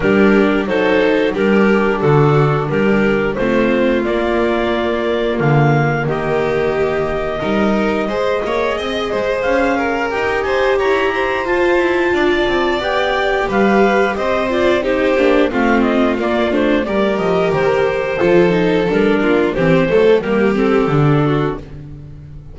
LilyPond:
<<
  \new Staff \with { instrumentName = "clarinet" } { \time 4/4 \tempo 4 = 89 ais'4 c''4 ais'4 a'4 | ais'4 c''4 d''2 | f''4 dis''2.~ | dis''2 f''4 g''8 gis''8 |
ais''4 a''2 g''4 | f''4 dis''8 d''8 c''4 f''8 dis''8 | d''8 c''8 d''8 dis''8 c''2 | ais'4 c''4 ais'8 a'4. | }
  \new Staff \with { instrumentName = "violin" } { \time 4/4 g'4 a'4 g'4 fis'4 | g'4 f'2.~ | f'4 g'2 ais'4 | c''8 cis''8 dis''8 c''4 ais'4 c''8 |
cis''8 c''4. d''2 | b'4 c''4 g'4 f'4~ | f'4 ais'2 a'4~ | a'8 f'8 g'8 a'8 g'4. fis'8 | }
  \new Staff \with { instrumentName = "viola" } { \time 4/4 d'4 dis'4 d'2~ | d'4 c'4 ais2~ | ais2. dis'4 | gis'2. g'4~ |
g'4 f'2 g'4~ | g'4. f'8 dis'8 d'8 c'4 | ais8 d'8 g'2 f'8 dis'8 | d'4 c'8 a8 ais8 c'8 d'4 | }
  \new Staff \with { instrumentName = "double bass" } { \time 4/4 g4 fis4 g4 d4 | g4 a4 ais2 | d4 dis2 g4 | gis8 ais8 c'8 gis8 cis'4 dis'4 |
e'4 f'8 e'8 d'8 c'8 b4 | g4 c'4. ais8 a4 | ais8 a8 g8 f8 dis4 f4 | g8 ais8 e8 fis8 g4 d4 | }
>>